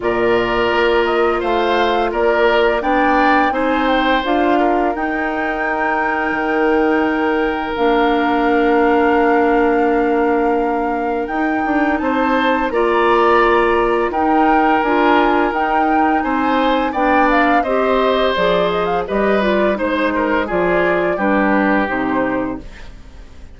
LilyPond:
<<
  \new Staff \with { instrumentName = "flute" } { \time 4/4 \tempo 4 = 85 d''4. dis''8 f''4 d''4 | g''4 gis''8 g''8 f''4 g''4~ | g''2. f''4~ | f''1 |
g''4 a''4 ais''2 | g''4 gis''4 g''4 gis''4 | g''8 f''8 dis''4 d''8 dis''16 f''16 dis''8 d''8 | c''4 d''4 b'4 c''4 | }
  \new Staff \with { instrumentName = "oboe" } { \time 4/4 ais'2 c''4 ais'4 | d''4 c''4. ais'4.~ | ais'1~ | ais'1~ |
ais'4 c''4 d''2 | ais'2. c''4 | d''4 c''2 b'4 | c''8 ais'8 gis'4 g'2 | }
  \new Staff \with { instrumentName = "clarinet" } { \time 4/4 f'1 | d'4 dis'4 f'4 dis'4~ | dis'2. d'4~ | d'1 |
dis'2 f'2 | dis'4 f'4 dis'2 | d'4 g'4 gis'4 g'8 f'8 | dis'4 f'4 d'4 dis'4 | }
  \new Staff \with { instrumentName = "bassoon" } { \time 4/4 ais,4 ais4 a4 ais4 | b4 c'4 d'4 dis'4~ | dis'4 dis2 ais4~ | ais1 |
dis'8 d'8 c'4 ais2 | dis'4 d'4 dis'4 c'4 | b4 c'4 f4 g4 | gis4 f4 g4 c4 | }
>>